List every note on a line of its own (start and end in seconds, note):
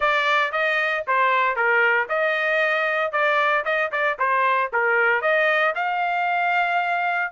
0.00 0.52 D5
0.52 1.04 D#5
1.07 1.55 C5
1.55 2.08 A#4
2.09 3.12 D#5
3.12 3.64 D5
3.65 3.91 D#5
3.91 4.17 D5
4.18 4.71 C5
4.72 5.21 A#4
5.21 5.73 D#5
5.75 7.32 F5